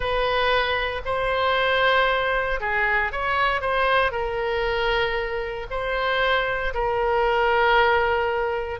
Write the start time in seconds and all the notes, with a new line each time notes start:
0.00 B4
1.05 C5
2.60 G#4
3.12 C#5
3.61 C5
4.11 A#4
5.70 C5
6.74 A#4